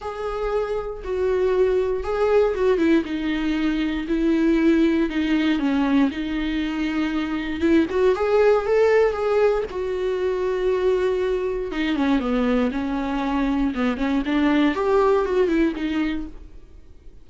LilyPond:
\new Staff \with { instrumentName = "viola" } { \time 4/4 \tempo 4 = 118 gis'2 fis'2 | gis'4 fis'8 e'8 dis'2 | e'2 dis'4 cis'4 | dis'2. e'8 fis'8 |
gis'4 a'4 gis'4 fis'4~ | fis'2. dis'8 cis'8 | b4 cis'2 b8 cis'8 | d'4 g'4 fis'8 e'8 dis'4 | }